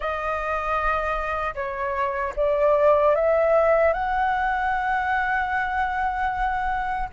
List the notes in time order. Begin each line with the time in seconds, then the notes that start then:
0.00 D#5
1.54 C#5
2.36 D5
3.15 E5
3.93 F#5